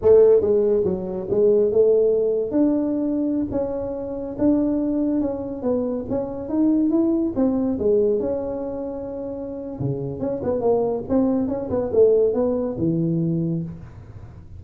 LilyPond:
\new Staff \with { instrumentName = "tuba" } { \time 4/4 \tempo 4 = 141 a4 gis4 fis4 gis4 | a2 d'2~ | d'16 cis'2 d'4.~ d'16~ | d'16 cis'4 b4 cis'4 dis'8.~ |
dis'16 e'4 c'4 gis4 cis'8.~ | cis'2. cis4 | cis'8 b8 ais4 c'4 cis'8 b8 | a4 b4 e2 | }